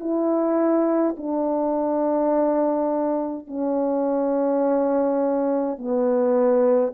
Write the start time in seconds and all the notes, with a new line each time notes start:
0.00 E4
1.17 D4
3.48 C#4
5.78 B3